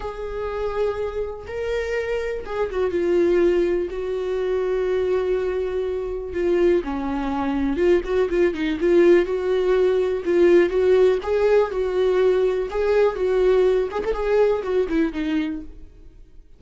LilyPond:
\new Staff \with { instrumentName = "viola" } { \time 4/4 \tempo 4 = 123 gis'2. ais'4~ | ais'4 gis'8 fis'8 f'2 | fis'1~ | fis'4 f'4 cis'2 |
f'8 fis'8 f'8 dis'8 f'4 fis'4~ | fis'4 f'4 fis'4 gis'4 | fis'2 gis'4 fis'4~ | fis'8 gis'16 a'16 gis'4 fis'8 e'8 dis'4 | }